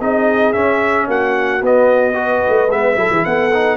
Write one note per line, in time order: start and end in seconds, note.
0.00 0.54 C4
0.00 0.53 D#4
0.00 1.07 G#4
0.00 0.53 D#5
0.53 1.61 C#4
0.53 1.08 C#4
0.53 1.07 E5
1.07 1.61 A#3
1.07 2.15 F#4
1.07 1.64 F#5
1.61 2.43 B3
1.61 2.13 B3
1.61 2.71 D#5
2.13 2.67 F#4
2.13 2.97 B4
2.48 2.69 A3
2.69 2.96 G#3
2.69 2.96 B3
2.69 3.25 E5
2.96 3.09 F#3
2.96 3.50 E4
2.96 3.10 A4
3.10 3.24 E3
3.10 3.24 G#4
3.25 3.77 B3
3.25 3.77 A4
3.25 3.77 F#5
3.54 3.77 D#4